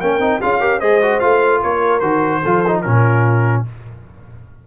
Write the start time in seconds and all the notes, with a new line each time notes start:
0.00 A#3 C#4 A#4 G5
0.18 C4 D#4
0.41 C#4 F4 G#4 F5
0.59 G4 A#4
0.79 G#3 G#4 C5 D#5
1.02 F#4
1.19 A3 F4 F5
1.62 A#3 A#4 C#5
1.99 D#3 F#4 C5
2.42 F3 F4 A4
2.67 D#4
2.81 A#2 C#4 F4 A#4